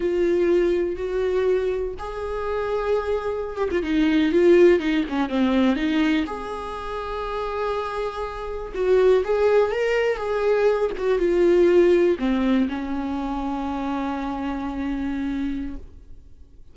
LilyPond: \new Staff \with { instrumentName = "viola" } { \time 4/4 \tempo 4 = 122 f'2 fis'2 | gis'2.~ gis'16 g'16 f'16 dis'16~ | dis'8. f'4 dis'8 cis'8 c'4 dis'16~ | dis'8. gis'2.~ gis'16~ |
gis'4.~ gis'16 fis'4 gis'4 ais'16~ | ais'8. gis'4. fis'8 f'4~ f'16~ | f'8. c'4 cis'2~ cis'16~ | cis'1 | }